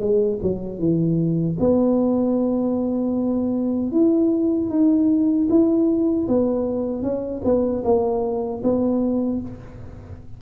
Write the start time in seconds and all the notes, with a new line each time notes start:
0.00 G#3
0.43 F#3
0.79 E3
1.60 B3
3.92 E4
4.70 D#4
5.49 E4
6.28 B3
7.02 C#4
7.44 B3
7.84 A#3
8.63 B3